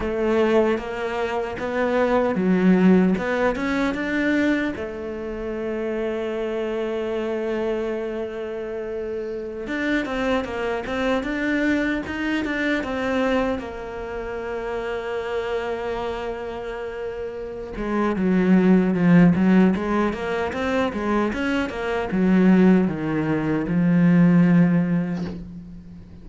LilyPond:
\new Staff \with { instrumentName = "cello" } { \time 4/4 \tempo 4 = 76 a4 ais4 b4 fis4 | b8 cis'8 d'4 a2~ | a1~ | a16 d'8 c'8 ais8 c'8 d'4 dis'8 d'16~ |
d'16 c'4 ais2~ ais8.~ | ais2~ ais8 gis8 fis4 | f8 fis8 gis8 ais8 c'8 gis8 cis'8 ais8 | fis4 dis4 f2 | }